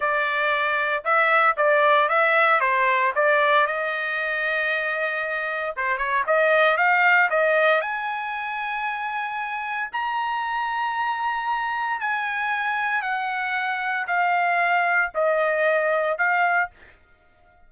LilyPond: \new Staff \with { instrumentName = "trumpet" } { \time 4/4 \tempo 4 = 115 d''2 e''4 d''4 | e''4 c''4 d''4 dis''4~ | dis''2. c''8 cis''8 | dis''4 f''4 dis''4 gis''4~ |
gis''2. ais''4~ | ais''2. gis''4~ | gis''4 fis''2 f''4~ | f''4 dis''2 f''4 | }